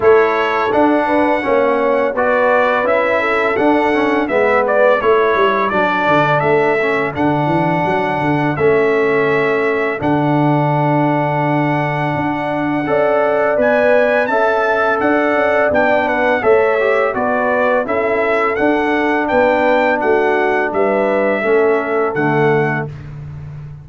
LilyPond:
<<
  \new Staff \with { instrumentName = "trumpet" } { \time 4/4 \tempo 4 = 84 cis''4 fis''2 d''4 | e''4 fis''4 e''8 d''8 cis''4 | d''4 e''4 fis''2 | e''2 fis''2~ |
fis''2. gis''4 | a''4 fis''4 g''8 fis''8 e''4 | d''4 e''4 fis''4 g''4 | fis''4 e''2 fis''4 | }
  \new Staff \with { instrumentName = "horn" } { \time 4/4 a'4. b'8 cis''4 b'4~ | b'8 a'4. b'4 a'4~ | a'1~ | a'1~ |
a'2 d''2 | e''4 d''4. b'8 cis''4 | b'4 a'2 b'4 | fis'4 b'4 a'2 | }
  \new Staff \with { instrumentName = "trombone" } { \time 4/4 e'4 d'4 cis'4 fis'4 | e'4 d'8 cis'8 b4 e'4 | d'4. cis'8 d'2 | cis'2 d'2~ |
d'2 a'4 b'4 | a'2 d'4 a'8 g'8 | fis'4 e'4 d'2~ | d'2 cis'4 a4 | }
  \new Staff \with { instrumentName = "tuba" } { \time 4/4 a4 d'4 ais4 b4 | cis'4 d'4 gis4 a8 g8 | fis8 d8 a4 d8 e8 fis8 d8 | a2 d2~ |
d4 d'4 cis'4 b4 | cis'4 d'8 cis'8 b4 a4 | b4 cis'4 d'4 b4 | a4 g4 a4 d4 | }
>>